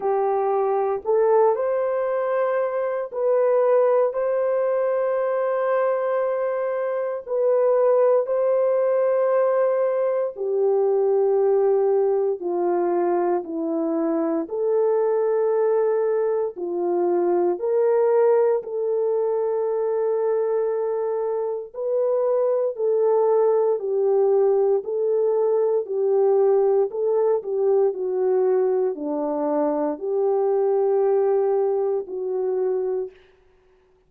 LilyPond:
\new Staff \with { instrumentName = "horn" } { \time 4/4 \tempo 4 = 58 g'4 a'8 c''4. b'4 | c''2. b'4 | c''2 g'2 | f'4 e'4 a'2 |
f'4 ais'4 a'2~ | a'4 b'4 a'4 g'4 | a'4 g'4 a'8 g'8 fis'4 | d'4 g'2 fis'4 | }